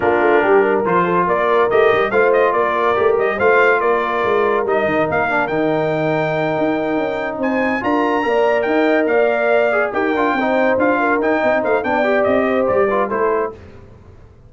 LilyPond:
<<
  \new Staff \with { instrumentName = "trumpet" } { \time 4/4 \tempo 4 = 142 ais'2 c''4 d''4 | dis''4 f''8 dis''8 d''4. dis''8 | f''4 d''2 dis''4 | f''4 g''2.~ |
g''4. gis''4 ais''4.~ | ais''8 g''4 f''2 g''8~ | g''4. f''4 g''4 f''8 | g''4 dis''4 d''4 c''4 | }
  \new Staff \with { instrumentName = "horn" } { \time 4/4 f'4 g'8 ais'4 a'8 ais'4~ | ais'4 c''4 ais'2 | c''4 ais'2.~ | ais'1~ |
ais'4. c''4 ais'4 d''8~ | d''8 dis''4 d''2 ais'8~ | ais'8 c''4. ais'4 dis''8 c''8 | d''4. c''4 b'8 a'4 | }
  \new Staff \with { instrumentName = "trombone" } { \time 4/4 d'2 f'2 | g'4 f'2 g'4 | f'2. dis'4~ | dis'8 d'8 dis'2.~ |
dis'2~ dis'8 f'4 ais'8~ | ais'2. gis'8 g'8 | f'8 dis'4 f'4 dis'4. | d'8 g'2 f'8 e'4 | }
  \new Staff \with { instrumentName = "tuba" } { \time 4/4 ais8 a8 g4 f4 ais4 | a8 g8 a4 ais4 a8 g8 | a4 ais4 gis4 g8 dis8 | ais4 dis2~ dis8 dis'8~ |
dis'8 cis'4 c'4 d'4 ais8~ | ais8 dis'4 ais2 dis'8 | d'8 c'4 d'4 dis'8 c'8 a8 | b4 c'4 g4 a4 | }
>>